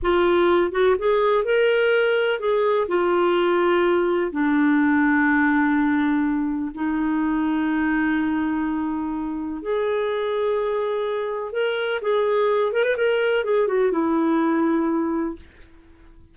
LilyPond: \new Staff \with { instrumentName = "clarinet" } { \time 4/4 \tempo 4 = 125 f'4. fis'8 gis'4 ais'4~ | ais'4 gis'4 f'2~ | f'4 d'2.~ | d'2 dis'2~ |
dis'1 | gis'1 | ais'4 gis'4. ais'16 b'16 ais'4 | gis'8 fis'8 e'2. | }